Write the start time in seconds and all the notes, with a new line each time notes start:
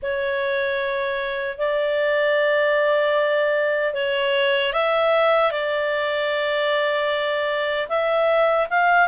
0.02 C#5
1.58 D5
3.93 C#5
4.73 E5
5.51 D5
7.88 E5
8.69 F5